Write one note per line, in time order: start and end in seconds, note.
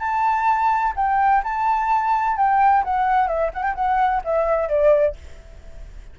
0.00 0.94 A5
0.96 1.43 G5
1.44 2.37 A5
2.37 2.84 G5
2.84 3.28 F#5
3.28 3.51 E5
3.54 3.63 F#5
3.63 3.75 G5
3.75 4.22 F#5
4.25 4.69 E5
4.69 5.16 D5